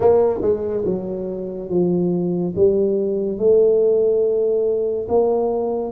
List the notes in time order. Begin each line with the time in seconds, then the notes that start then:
0.00 A#3
0.41 G#3
0.85 F#3
1.69 F3
2.55 G3
3.38 A3
5.08 A#3